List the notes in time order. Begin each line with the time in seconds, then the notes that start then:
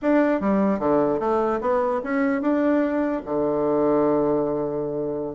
0.02 D4
0.40 G3
0.79 D3
1.19 A3
1.61 B3
2.03 C#4
2.41 D4
3.25 D3